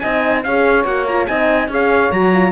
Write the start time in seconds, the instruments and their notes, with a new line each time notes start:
0.00 cello C4, horn D#4, saxophone D#5, trumpet G#5
0.43 cello C#4, horn G#4, saxophone C#5, trumpet F5
0.85 cello A#3, horn F#4, trumpet F#5
1.08 horn F4, trumpet A#5
1.27 cello C4, horn D#4, saxophone D#5, trumpet G#5
1.68 cello C#4, horn G#4, saxophone C#5, trumpet F5
2.11 cello F#3, horn F#4, trumpet A#5
2.33 horn F4